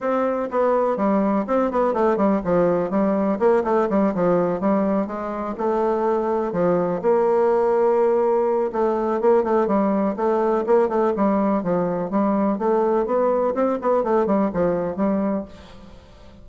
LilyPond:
\new Staff \with { instrumentName = "bassoon" } { \time 4/4 \tempo 4 = 124 c'4 b4 g4 c'8 b8 | a8 g8 f4 g4 ais8 a8 | g8 f4 g4 gis4 a8~ | a4. f4 ais4.~ |
ais2 a4 ais8 a8 | g4 a4 ais8 a8 g4 | f4 g4 a4 b4 | c'8 b8 a8 g8 f4 g4 | }